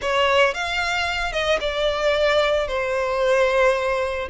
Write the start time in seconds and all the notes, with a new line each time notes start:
0.01 C#5
0.54 F5
1.32 D#5
1.60 D5
2.67 C5